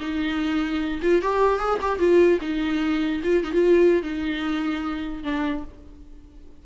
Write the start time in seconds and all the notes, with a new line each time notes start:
0.00 D#4
1.02 F4
1.22 G4
1.59 G#4
1.81 G4
1.99 F4
2.41 D#4
3.23 F4
3.44 D#4
3.53 F4
4.02 D#4
5.23 D4